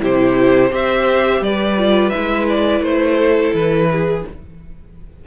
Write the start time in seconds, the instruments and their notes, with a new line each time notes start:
0.00 cello C3, viola E4, violin G4 C5
0.70 cello C4, viola G4, violin C5 E5
1.41 cello G3, violin B4 D5
1.77 viola F4
2.10 cello G#3, viola E4, violin E5
2.49 violin D5
2.80 cello A3, violin C5
3.18 violin A4
3.53 cello E3, violin B4
3.91 violin G#4